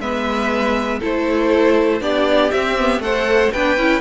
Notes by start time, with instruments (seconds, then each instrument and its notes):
0.00 cello G#3, viola B3, violin B4 E5
0.99 cello A3, viola E4, violin A4 C5
2.01 cello B3, viola D4, violin G4 D5
2.51 cello C4, viola C4, violin E5
2.78 viola B3
2.99 cello A3, viola A4, violin C5 F#5
3.52 cello B3, viola D4, violin B4 G5
3.77 cello C#4, viola E4